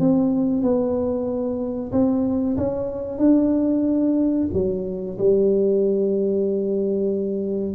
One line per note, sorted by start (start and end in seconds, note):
0.00 0.63 C4
0.63 1.92 B3
1.93 2.57 C4
2.57 3.19 C#4
3.19 4.48 D4
4.54 5.18 F#3
5.19 7.75 G3